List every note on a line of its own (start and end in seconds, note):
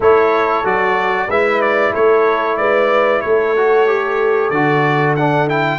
0.00 0.64 A3
0.00 0.64 E4
0.00 1.27 A4
0.00 0.66 C#5
0.64 1.27 F#3
0.64 1.28 F#4
0.64 1.30 D5
1.27 1.91 G#3
1.27 3.56 E4
1.27 1.92 B4
1.27 1.61 E5
1.61 1.93 D5
1.93 2.57 A3
1.93 2.57 A4
1.93 2.56 C#5
2.56 3.22 G#3
2.56 3.23 B4
2.56 3.21 D5
3.21 4.50 A3
3.21 5.79 A4
3.21 4.50 C#5
3.56 3.87 F#4
3.87 4.51 G4
4.50 5.79 D3
4.50 5.17 F#4
4.50 5.14 D5
5.15 5.48 D4
5.15 5.48 F#5
5.48 5.79 E4
5.48 5.79 G5